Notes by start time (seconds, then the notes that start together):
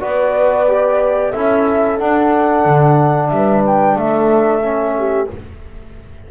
0.00 B3 F#4 B4 D5
0.67 G4
1.30 C#4 E4 A4 E5
1.98 D4 F#5
2.65 D3
3.29 G3 B4 E5
3.66 G5
3.95 A3 A4 E5
4.62 C#4
4.98 G4